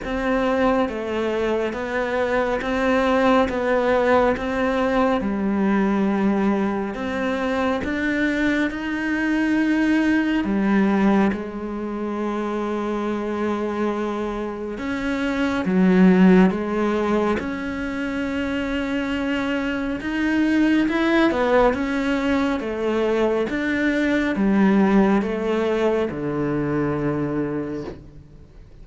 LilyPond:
\new Staff \with { instrumentName = "cello" } { \time 4/4 \tempo 4 = 69 c'4 a4 b4 c'4 | b4 c'4 g2 | c'4 d'4 dis'2 | g4 gis2.~ |
gis4 cis'4 fis4 gis4 | cis'2. dis'4 | e'8 b8 cis'4 a4 d'4 | g4 a4 d2 | }